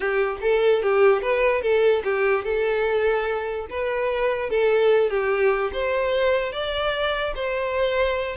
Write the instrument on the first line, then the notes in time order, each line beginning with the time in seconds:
violin
0.00 G4
0.41 A4
0.82 G4
1.22 B4
1.61 A4
2.04 G4
2.44 A4
3.70 B4
4.50 A4
5.09 G4
5.73 C5
6.52 D5
7.35 C5